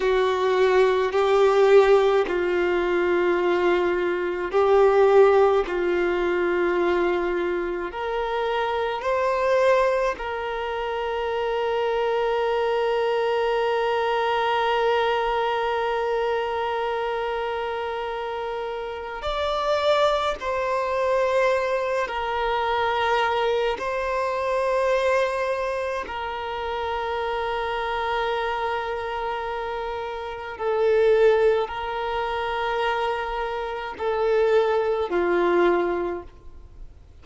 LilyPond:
\new Staff \with { instrumentName = "violin" } { \time 4/4 \tempo 4 = 53 fis'4 g'4 f'2 | g'4 f'2 ais'4 | c''4 ais'2.~ | ais'1~ |
ais'4 d''4 c''4. ais'8~ | ais'4 c''2 ais'4~ | ais'2. a'4 | ais'2 a'4 f'4 | }